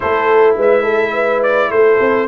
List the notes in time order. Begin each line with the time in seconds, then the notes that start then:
0.00 A3 E4 A4 C5
0.56 G#3 B4 E5
0.82 A4
1.13 B4
1.42 D5
1.70 A3 A4 C5
2.00 C4